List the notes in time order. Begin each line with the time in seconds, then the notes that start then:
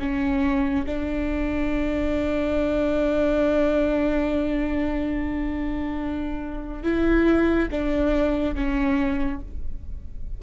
0.00 C#4
0.86 D4
6.84 E4
7.71 D4
8.55 C#4